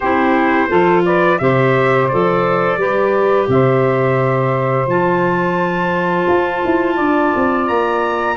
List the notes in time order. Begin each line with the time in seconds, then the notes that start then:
0.00 C4 E4 G4 C5
0.69 F3 F4 A4
1.05 B4 D5
1.38 C3 G4 C5 E5
2.08 F3 A4 D5
2.76 G3 G4 B4
3.48 C3 C5 E5
4.86 F3 F4 A5
6.28 F4
6.65 E4
6.95 D4 D5
7.35 C4
7.67 A#3 A#5